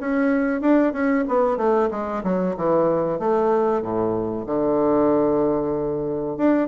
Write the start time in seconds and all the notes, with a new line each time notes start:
0.00 C#4
0.62 D4
0.93 C#4
1.28 B3
1.57 A3
1.91 G#3
2.24 F#3
2.57 E3
3.19 A3
3.82 A2
4.47 D3
6.37 D4